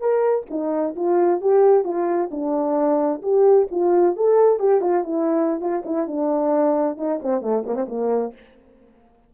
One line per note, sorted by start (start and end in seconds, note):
0.00 0.45 A#4
0.50 0.95 D#4
0.95 1.41 F4
1.41 1.84 G4
1.84 2.30 F4
2.31 3.21 D4
3.22 3.68 G4
3.71 4.16 F4
4.16 4.59 A4
4.59 4.81 G4
4.81 5.04 F4
5.04 5.60 E4
5.60 5.83 F4
5.85 6.07 E4
6.07 6.97 D4
6.97 7.20 D#4
7.22 7.41 C4
7.41 7.64 A3
7.66 7.75 A#3
7.75 7.86 C4
7.88 8.34 A#3